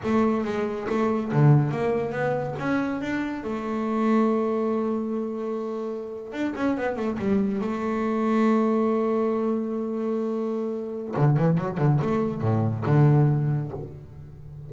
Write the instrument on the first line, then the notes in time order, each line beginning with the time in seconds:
double bass
0.03 A3
0.44 G#3
0.89 A3
1.32 D3
1.71 A#3
2.12 B3
2.58 C#4
3.01 D4
3.43 A3
6.32 D4
6.55 C#4
6.77 B3
6.96 A3
7.18 G3
7.61 A3
11.16 D3
11.36 E3
11.57 F#3
11.77 D3
12.01 A3
12.41 A2
12.86 D3